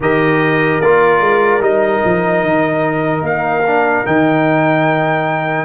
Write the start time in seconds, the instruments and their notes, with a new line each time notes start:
0.00 tuba D#3, trombone G4, horn A#4, trumpet D#5
0.80 tuba A#3, trombone F4, trumpet D5
1.20 tuba G#3
1.60 tuba G3, trombone D#4, trumpet D#5
2.04 tuba F3
2.42 tuba D#3
3.21 tuba A#3, trumpet F5
3.66 trombone D4
4.05 tuba D#3, trombone D#4, trumpet G5